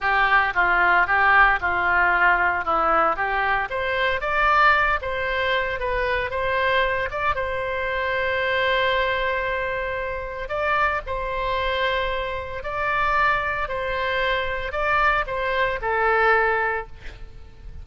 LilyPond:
\new Staff \with { instrumentName = "oboe" } { \time 4/4 \tempo 4 = 114 g'4 f'4 g'4 f'4~ | f'4 e'4 g'4 c''4 | d''4. c''4. b'4 | c''4. d''8 c''2~ |
c''1 | d''4 c''2. | d''2 c''2 | d''4 c''4 a'2 | }